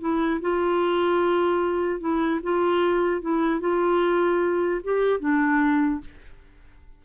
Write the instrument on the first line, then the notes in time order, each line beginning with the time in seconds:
clarinet
0.00 E4
0.41 F4
2.00 E4
2.43 F4
3.21 E4
3.60 F4
4.84 G4
5.20 D4